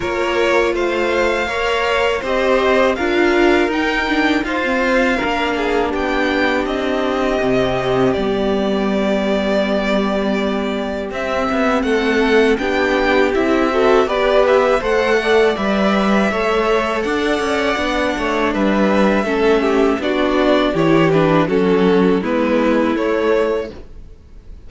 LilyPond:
<<
  \new Staff \with { instrumentName = "violin" } { \time 4/4 \tempo 4 = 81 cis''4 f''2 dis''4 | f''4 g''4 f''2 | g''4 dis''2 d''4~ | d''2. e''4 |
fis''4 g''4 e''4 d''8 e''8 | fis''4 e''2 fis''4~ | fis''4 e''2 d''4 | cis''8 b'8 a'4 b'4 cis''4 | }
  \new Staff \with { instrumentName = "violin" } { \time 4/4 ais'4 c''4 cis''4 c''4 | ais'2 c''4 ais'8 gis'8 | g'1~ | g'1 |
a'4 g'4. a'8 b'4 | c''8 d''4. cis''4 d''4~ | d''8 cis''8 b'4 a'8 g'8 fis'4 | g'4 fis'4 e'2 | }
  \new Staff \with { instrumentName = "viola" } { \time 4/4 f'2 ais'4 g'4 | f'4 dis'8 d'8 dis'16 c'8. d'4~ | d'2 c'4 b4~ | b2. c'4~ |
c'4 d'4 e'8 fis'8 g'4 | a'4 b'4 a'2 | d'2 cis'4 d'4 | e'8 d'8 cis'4 b4 a4 | }
  \new Staff \with { instrumentName = "cello" } { \time 4/4 ais4 a4 ais4 c'4 | d'4 dis'4 f'4 ais4 | b4 c'4 c4 g4~ | g2. c'8 b8 |
a4 b4 c'4 b4 | a4 g4 a4 d'8 cis'8 | b8 a8 g4 a4 b4 | e4 fis4 gis4 a4 | }
>>